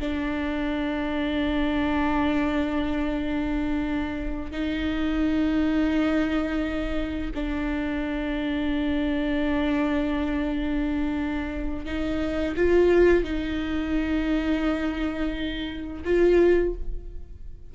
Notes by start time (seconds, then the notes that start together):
0.00 D4
4.52 D#4
7.35 D4
11.86 D#4
12.57 F4
13.24 D#4
16.05 F4